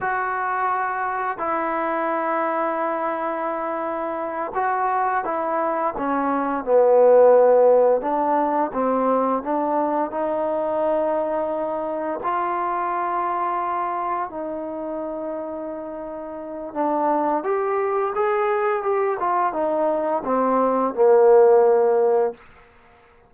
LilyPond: \new Staff \with { instrumentName = "trombone" } { \time 4/4 \tempo 4 = 86 fis'2 e'2~ | e'2~ e'8 fis'4 e'8~ | e'8 cis'4 b2 d'8~ | d'8 c'4 d'4 dis'4.~ |
dis'4. f'2~ f'8~ | f'8 dis'2.~ dis'8 | d'4 g'4 gis'4 g'8 f'8 | dis'4 c'4 ais2 | }